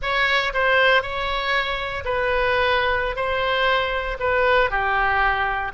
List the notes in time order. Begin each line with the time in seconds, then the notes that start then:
0.01 C#5
0.53 C5
1.02 C#5
2.04 B4
3.15 C5
4.19 B4
4.70 G4